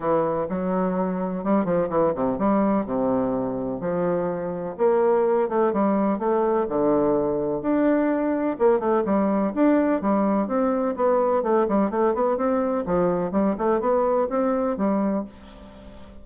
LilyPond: \new Staff \with { instrumentName = "bassoon" } { \time 4/4 \tempo 4 = 126 e4 fis2 g8 f8 | e8 c8 g4 c2 | f2 ais4. a8 | g4 a4 d2 |
d'2 ais8 a8 g4 | d'4 g4 c'4 b4 | a8 g8 a8 b8 c'4 f4 | g8 a8 b4 c'4 g4 | }